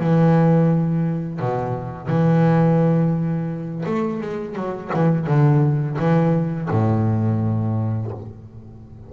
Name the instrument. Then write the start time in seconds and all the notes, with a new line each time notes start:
double bass
0.00 E3
1.40 B2
2.08 E3
3.86 A3
4.21 G#3
4.56 F#3
4.94 E3
5.27 D3
5.99 E3
6.71 A2